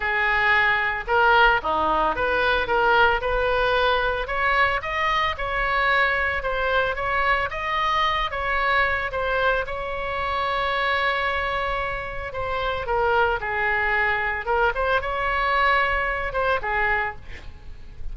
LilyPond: \new Staff \with { instrumentName = "oboe" } { \time 4/4 \tempo 4 = 112 gis'2 ais'4 dis'4 | b'4 ais'4 b'2 | cis''4 dis''4 cis''2 | c''4 cis''4 dis''4. cis''8~ |
cis''4 c''4 cis''2~ | cis''2. c''4 | ais'4 gis'2 ais'8 c''8 | cis''2~ cis''8 c''8 gis'4 | }